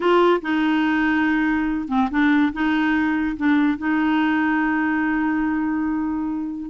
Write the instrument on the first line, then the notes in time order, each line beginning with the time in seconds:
clarinet
0.00 F4
0.41 D#4
1.88 C4
2.10 D4
2.52 D#4
3.36 D4
3.78 D#4